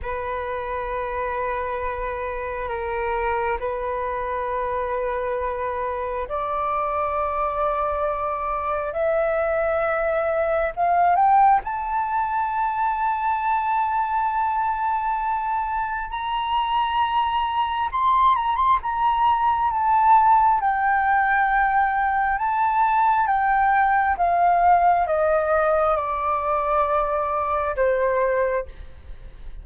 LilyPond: \new Staff \with { instrumentName = "flute" } { \time 4/4 \tempo 4 = 67 b'2. ais'4 | b'2. d''4~ | d''2 e''2 | f''8 g''8 a''2.~ |
a''2 ais''2 | c'''8 ais''16 c'''16 ais''4 a''4 g''4~ | g''4 a''4 g''4 f''4 | dis''4 d''2 c''4 | }